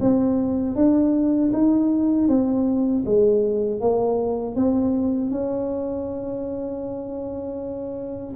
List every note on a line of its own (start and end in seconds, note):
0.00 0.75 C4
0.75 1.51 D4
1.53 2.28 D#4
2.28 3.03 C4
3.05 3.80 G#3
3.80 4.55 A#3
4.55 5.31 C4
5.31 8.34 C#4